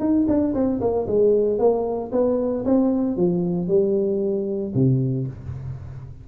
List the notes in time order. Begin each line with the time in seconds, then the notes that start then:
0.00 D#4
0.28 D4
0.54 C4
0.81 A#3
1.07 G#3
1.59 A#3
2.12 B3
2.65 C4
3.17 F3
3.68 G3
4.75 C3